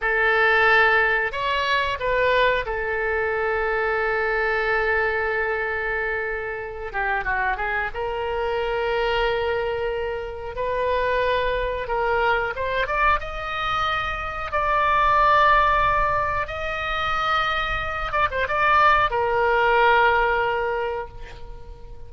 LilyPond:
\new Staff \with { instrumentName = "oboe" } { \time 4/4 \tempo 4 = 91 a'2 cis''4 b'4 | a'1~ | a'2~ a'8 g'8 fis'8 gis'8 | ais'1 |
b'2 ais'4 c''8 d''8 | dis''2 d''2~ | d''4 dis''2~ dis''8 d''16 c''16 | d''4 ais'2. | }